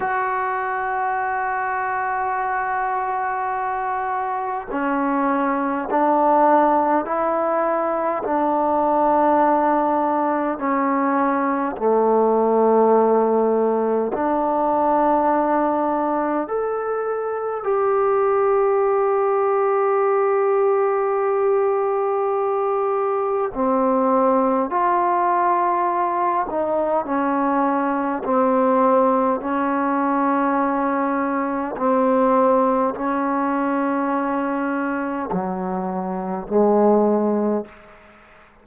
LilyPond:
\new Staff \with { instrumentName = "trombone" } { \time 4/4 \tempo 4 = 51 fis'1 | cis'4 d'4 e'4 d'4~ | d'4 cis'4 a2 | d'2 a'4 g'4~ |
g'1 | c'4 f'4. dis'8 cis'4 | c'4 cis'2 c'4 | cis'2 fis4 gis4 | }